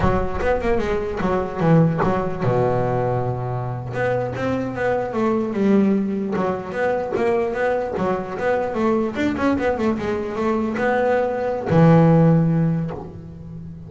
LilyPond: \new Staff \with { instrumentName = "double bass" } { \time 4/4 \tempo 4 = 149 fis4 b8 ais8 gis4 fis4 | e4 fis4 b,2~ | b,4.~ b,16 b4 c'4 b16~ | b8. a4 g2 fis16~ |
fis8. b4 ais4 b4 fis16~ | fis8. b4 a4 d'8 cis'8 b16~ | b16 a8 gis4 a4 b4~ b16~ | b4 e2. | }